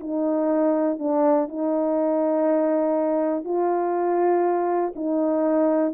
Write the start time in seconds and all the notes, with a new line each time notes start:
0.00 D#4
0.99 D4
1.49 D#4
3.45 F4
4.96 D#4